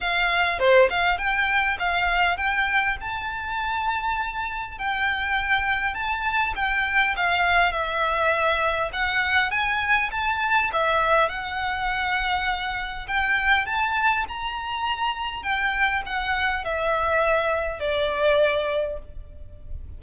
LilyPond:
\new Staff \with { instrumentName = "violin" } { \time 4/4 \tempo 4 = 101 f''4 c''8 f''8 g''4 f''4 | g''4 a''2. | g''2 a''4 g''4 | f''4 e''2 fis''4 |
gis''4 a''4 e''4 fis''4~ | fis''2 g''4 a''4 | ais''2 g''4 fis''4 | e''2 d''2 | }